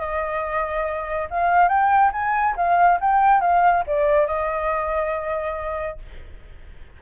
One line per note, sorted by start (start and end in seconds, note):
0.00 1.29 D#5
1.31 1.69 F5
1.69 2.11 G5
2.12 2.55 G#5
2.56 2.99 F5
3.00 3.41 G5
3.41 3.84 F5
3.87 4.27 D5
4.27 5.98 D#5